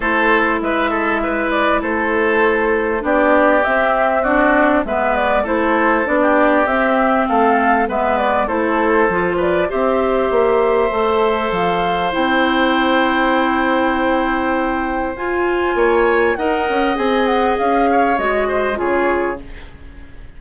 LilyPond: <<
  \new Staff \with { instrumentName = "flute" } { \time 4/4 \tempo 4 = 99 c''4 e''4. d''8 c''4~ | c''4 d''4 e''4 d''4 | e''8 d''8 c''4 d''4 e''4 | f''4 e''8 d''8 c''4. d''8 |
e''2. f''4 | g''1~ | g''4 gis''2 fis''4 | gis''8 fis''8 f''4 dis''4 cis''4 | }
  \new Staff \with { instrumentName = "oboe" } { \time 4/4 a'4 b'8 a'8 b'4 a'4~ | a'4 g'2 fis'4 | b'4 a'4~ a'16 g'4.~ g'16 | a'4 b'4 a'4. b'8 |
c''1~ | c''1~ | c''2 cis''4 dis''4~ | dis''4. cis''4 c''8 gis'4 | }
  \new Staff \with { instrumentName = "clarinet" } { \time 4/4 e'1~ | e'4 d'4 c'4 d'4 | b4 e'4 d'4 c'4~ | c'4 b4 e'4 f'4 |
g'2 a'2 | e'1~ | e'4 f'2 ais'4 | gis'2 fis'4 f'4 | }
  \new Staff \with { instrumentName = "bassoon" } { \time 4/4 a4 gis2 a4~ | a4 b4 c'2 | gis4 a4 b4 c'4 | a4 gis4 a4 f4 |
c'4 ais4 a4 f4 | c'1~ | c'4 f'4 ais4 dis'8 cis'8 | c'4 cis'4 gis4 cis4 | }
>>